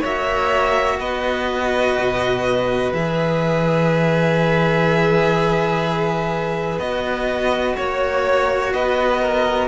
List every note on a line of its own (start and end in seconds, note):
0.00 1.00 A#3
0.00 2.94 F#4
0.00 0.97 C#5
0.00 1.00 E5
1.00 1.96 B3
1.00 7.76 B4
1.00 2.93 D#5
1.98 2.93 B2
2.93 6.79 E3
2.93 6.81 G#4
2.93 6.79 E5
6.79 7.75 B3
6.79 9.68 F#4
6.79 7.76 D#5
7.76 8.73 A#3
7.76 8.73 C#5
8.73 9.68 B3
8.73 9.21 B4
8.73 9.68 D#5
9.21 9.68 A#4